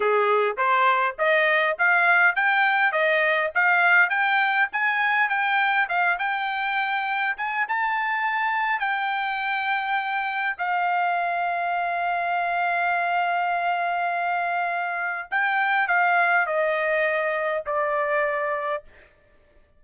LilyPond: \new Staff \with { instrumentName = "trumpet" } { \time 4/4 \tempo 4 = 102 gis'4 c''4 dis''4 f''4 | g''4 dis''4 f''4 g''4 | gis''4 g''4 f''8 g''4.~ | g''8 gis''8 a''2 g''4~ |
g''2 f''2~ | f''1~ | f''2 g''4 f''4 | dis''2 d''2 | }